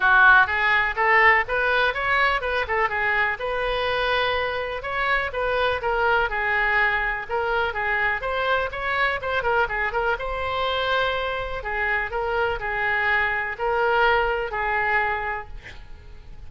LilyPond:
\new Staff \with { instrumentName = "oboe" } { \time 4/4 \tempo 4 = 124 fis'4 gis'4 a'4 b'4 | cis''4 b'8 a'8 gis'4 b'4~ | b'2 cis''4 b'4 | ais'4 gis'2 ais'4 |
gis'4 c''4 cis''4 c''8 ais'8 | gis'8 ais'8 c''2. | gis'4 ais'4 gis'2 | ais'2 gis'2 | }